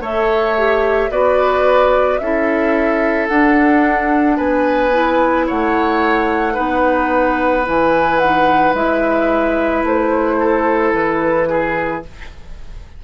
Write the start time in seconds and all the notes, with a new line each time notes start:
0.00 A3 A4 C#5 E5
0.57 G4
1.10 B3 F#4 B4 D5
2.18 C#4 E4 A4 E5
3.28 D4 F#5
4.37 B3 B4 G#5
4.93 E4
5.47 A3 C#5 F#5
6.53 B3 D#4 B4
7.64 E3 E4 G#5
8.19 D#4 F#5
8.74 G#3 E4 E5
9.83 A3 C5
10.40 A4
10.93 E3 B4
11.49 G#4